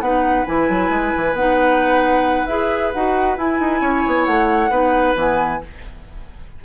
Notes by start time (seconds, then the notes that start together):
0.00 B3 D#4 B4 F#5
0.45 E3 E4 G#5
0.68 F#3
0.90 G#3
1.16 E3
1.33 B3 D#4 F#5
2.46 E4 G#4 E5
2.92 D#4 F#4 F#5
3.37 E4 G#5
3.59 D#4
3.81 C#4 C#5
4.06 B3
4.25 A3 F#5
4.70 B3 D#4 B4
5.15 E3 B3 G#5